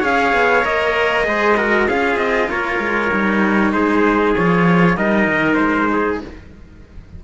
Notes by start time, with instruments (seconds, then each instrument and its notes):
0.00 cello C#4 G#4, trumpet C#5 F5
0.33 cello B3
0.62 cello A#3 A#4, trumpet D#5
1.23 cello G#3 G#4, trumpet C5
1.57 cello F#4, trumpet A#4
1.88 cello C#4 F4, trumpet G#4 F5
2.16 cello C4, trumpet D#5
2.50 cello A#3, trumpet A#4 C#5
2.79 cello G#3
3.11 cello G3 D#4
3.72 cello G#3, trumpet G#4 C5
4.35 cello F3 F4, trumpet C#5
4.96 cello G3 D#4, trumpet A#4 D#5
5.27 cello D#3
5.54 cello G#3, trumpet C5
5.92 trumpet G#4